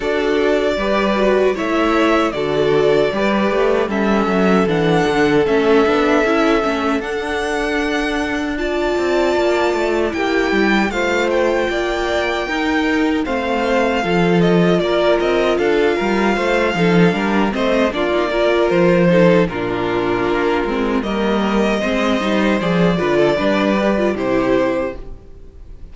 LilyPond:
<<
  \new Staff \with { instrumentName = "violin" } { \time 4/4 \tempo 4 = 77 d''2 e''4 d''4~ | d''4 e''4 fis''4 e''4~ | e''4 fis''2 a''4~ | a''4 g''4 f''8 g''4.~ |
g''4 f''4. dis''8 d''8 dis''8 | f''2~ f''8 dis''8 d''4 | c''4 ais'2 dis''4~ | dis''4 d''2 c''4 | }
  \new Staff \with { instrumentName = "violin" } { \time 4/4 a'4 b'4 cis''4 a'4 | b'4 a'2.~ | a'2. d''4~ | d''4 g'4 c''4 d''4 |
ais'4 c''4 a'4 ais'4 | a'8 ais'8 c''8 a'8 ais'8 c''8 f'8 ais'8~ | ais'8 a'8 f'2 ais'4 | c''4. b'16 a'16 b'4 g'4 | }
  \new Staff \with { instrumentName = "viola" } { \time 4/4 fis'4 g'8 fis'8 e'4 fis'4 | g'4 cis'4 d'4 cis'8 d'8 | e'8 cis'8 d'2 f'4~ | f'4 e'4 f'2 |
dis'4 c'4 f'2~ | f'4. dis'8 d'8 c'8 d'16 dis'16 f'8~ | f'8 dis'8 d'4. c'8 ais4 | c'8 dis'8 gis'8 f'8 d'8 g'16 f'16 e'4 | }
  \new Staff \with { instrumentName = "cello" } { \time 4/4 d'4 g4 a4 d4 | g8 a8 g8 fis8 e8 d8 a8 b8 | cis'8 a8 d'2~ d'8 c'8 | ais8 a8 ais8 g8 a4 ais4 |
dis'4 a4 f4 ais8 c'8 | d'8 g8 a8 f8 g8 a8 ais4 | f4 ais,4 ais8 gis8 g4 | gis8 g8 f8 d8 g4 c4 | }
>>